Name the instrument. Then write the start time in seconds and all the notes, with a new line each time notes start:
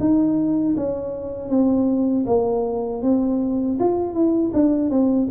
tuba
0.00 D#4
0.77 C#4
1.49 C4
2.26 A#3
3.03 C4
3.80 F4
4.14 E4
4.54 D4
4.91 C4